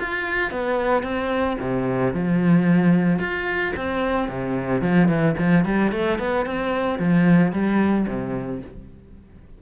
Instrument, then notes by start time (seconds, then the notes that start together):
cello
0.00 F4
0.51 B3
1.03 C4
1.60 C3
2.14 F3
3.19 F4
3.77 C4
4.29 C3
4.82 F3
5.08 E3
5.39 F3
5.66 G3
5.92 A3
6.19 B3
6.46 C4
6.99 F3
7.53 G3
8.08 C3